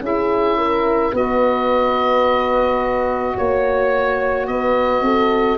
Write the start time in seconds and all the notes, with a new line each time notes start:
0.00 C#4 E4 G#4 E5
0.58 A#4
1.13 B3 F#4 B4 D#5
3.37 A#3 C#5
4.47 B3 B4 D#5
5.01 C4 A4